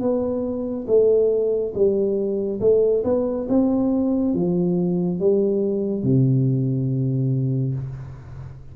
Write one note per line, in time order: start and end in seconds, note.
0.00 0.86 B3
0.87 1.73 A3
1.74 2.60 G3
2.60 3.03 A3
3.04 3.47 B3
3.48 4.34 C4
4.34 5.19 F3
5.19 6.03 G3
6.03 7.74 C3